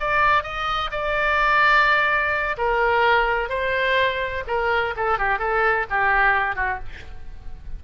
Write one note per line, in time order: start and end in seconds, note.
0.00 0.43 D5
0.43 0.91 D#5
0.91 2.57 D5
2.58 3.49 A#4
3.49 4.44 C5
4.48 4.95 A#4
4.96 5.18 A4
5.18 5.39 G4
5.39 5.86 A4
5.90 6.56 G4
6.56 6.79 F#4